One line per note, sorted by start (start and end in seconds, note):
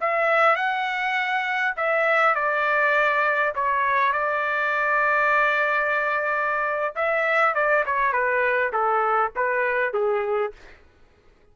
0.00 0.56 E5
0.56 1.74 F#5
1.76 2.35 E5
2.35 3.53 D5
3.55 4.12 C#5
4.12 6.95 D5
6.95 7.54 E5
7.54 7.84 D5
7.86 8.12 C#5
8.12 8.71 B4
8.72 9.32 A4
9.35 9.93 B4
9.93 10.52 G#4